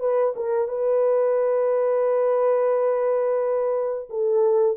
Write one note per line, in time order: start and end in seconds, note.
0.00 0.34 B4
0.36 0.68 A#4
0.68 4.09 B4
4.10 4.77 A4